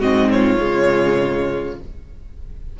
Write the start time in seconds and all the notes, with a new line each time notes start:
0.00 G#2 C4 F#4 D#5
0.31 F4 C#5
0.58 C#3 G#3